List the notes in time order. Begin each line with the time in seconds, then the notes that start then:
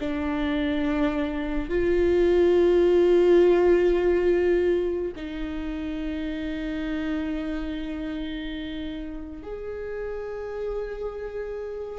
0.00 D4
1.70 F4
5.17 D#4
9.43 G#4